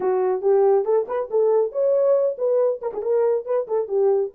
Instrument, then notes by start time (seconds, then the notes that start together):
horn
0.00 F#4
0.41 G4
0.84 A4
1.08 B4
1.30 A4
1.71 C#5
2.37 B4
2.81 A#4
2.93 G#4
3.01 A#4
3.45 B4
3.67 A4
3.88 G4